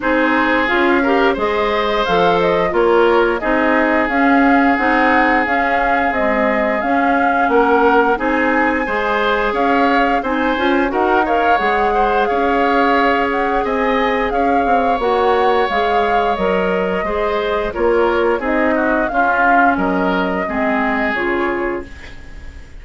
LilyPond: <<
  \new Staff \with { instrumentName = "flute" } { \time 4/4 \tempo 4 = 88 c''4 f''4 dis''4 f''8 dis''8 | cis''4 dis''4 f''4 fis''4 | f''4 dis''4 f''4 fis''4 | gis''2 f''4 gis''4 |
fis''8 f''8 fis''4 f''4. fis''8 | gis''4 f''4 fis''4 f''4 | dis''2 cis''4 dis''4 | f''4 dis''2 cis''4 | }
  \new Staff \with { instrumentName = "oboe" } { \time 4/4 gis'4. ais'8 c''2 | ais'4 gis'2.~ | gis'2. ais'4 | gis'4 c''4 cis''4 c''4 |
ais'8 cis''4 c''8 cis''2 | dis''4 cis''2.~ | cis''4 c''4 ais'4 gis'8 fis'8 | f'4 ais'4 gis'2 | }
  \new Staff \with { instrumentName = "clarinet" } { \time 4/4 dis'4 f'8 g'8 gis'4 a'4 | f'4 dis'4 cis'4 dis'4 | cis'4 gis4 cis'2 | dis'4 gis'2 dis'8 f'8 |
fis'8 ais'8 gis'2.~ | gis'2 fis'4 gis'4 | ais'4 gis'4 f'4 dis'4 | cis'2 c'4 f'4 | }
  \new Staff \with { instrumentName = "bassoon" } { \time 4/4 c'4 cis'4 gis4 f4 | ais4 c'4 cis'4 c'4 | cis'4 c'4 cis'4 ais4 | c'4 gis4 cis'4 c'8 cis'8 |
dis'4 gis4 cis'2 | c'4 cis'8 c'8 ais4 gis4 | fis4 gis4 ais4 c'4 | cis'4 fis4 gis4 cis4 | }
>>